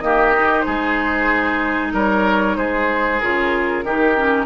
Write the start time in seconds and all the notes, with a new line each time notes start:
0.00 D#3 A#3 G4 D#5
0.34 D#4
0.61 G#4 C5
0.67 G#3
1.93 G3 A#4 C#5
2.57 G#3 G#4 C5
3.20 C#3 F4 A#4
3.84 D#3 D#4 G4
4.16 C#4